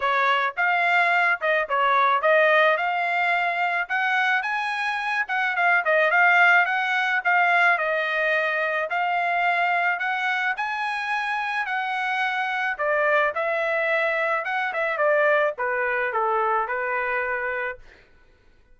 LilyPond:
\new Staff \with { instrumentName = "trumpet" } { \time 4/4 \tempo 4 = 108 cis''4 f''4. dis''8 cis''4 | dis''4 f''2 fis''4 | gis''4. fis''8 f''8 dis''8 f''4 | fis''4 f''4 dis''2 |
f''2 fis''4 gis''4~ | gis''4 fis''2 d''4 | e''2 fis''8 e''8 d''4 | b'4 a'4 b'2 | }